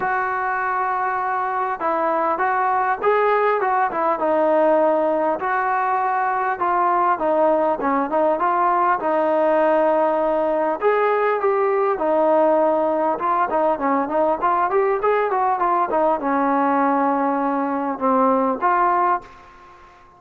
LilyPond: \new Staff \with { instrumentName = "trombone" } { \time 4/4 \tempo 4 = 100 fis'2. e'4 | fis'4 gis'4 fis'8 e'8 dis'4~ | dis'4 fis'2 f'4 | dis'4 cis'8 dis'8 f'4 dis'4~ |
dis'2 gis'4 g'4 | dis'2 f'8 dis'8 cis'8 dis'8 | f'8 g'8 gis'8 fis'8 f'8 dis'8 cis'4~ | cis'2 c'4 f'4 | }